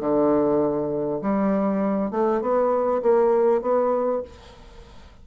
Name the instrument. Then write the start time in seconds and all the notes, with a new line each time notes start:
bassoon
0.00 D3
1.22 G3
2.11 A3
2.42 B3
3.03 A#3
3.62 B3